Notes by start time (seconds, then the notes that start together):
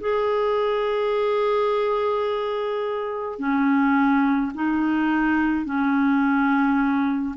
0.00 G#4
3.39 C#4
4.55 D#4
5.66 C#4